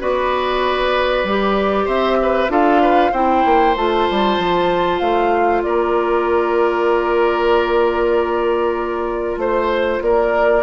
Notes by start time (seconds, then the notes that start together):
0.00 B3 F#4 B4 D5
1.24 G3 G4
1.85 C4 C5 E5
2.22 B4
2.49 D4 F4 A4 F5
2.82 B4
3.12 C4 E4 C5 G5
3.45 A#3
3.77 A3 F4 A5
4.10 G3
4.39 F3
5.00 A3 F5
5.63 A#3 A#4 D5
9.37 A3 C5
10.01 A#3 A#4 D5